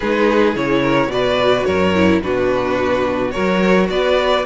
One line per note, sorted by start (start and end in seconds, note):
0.00 0.55 G#3
0.00 0.55 D#4
0.00 0.80 G#4
0.00 0.55 B4
0.55 1.07 C#3
0.55 1.10 E4
0.55 1.11 C#5
0.82 1.09 A#4
1.07 1.62 B2
1.07 1.95 F#4
1.07 1.66 B4
1.07 1.64 D5
1.64 2.22 F#2
1.64 2.22 A#4
1.64 2.20 C#5
1.95 2.22 E4
2.22 3.35 B2
2.22 3.31 D4
2.22 3.33 F#4
2.22 3.31 B4
3.31 3.89 F#3
3.31 4.42 F#4
3.31 3.88 A#4
3.31 3.86 C#5
3.89 4.44 B3
3.89 4.45 B4
3.89 4.45 D5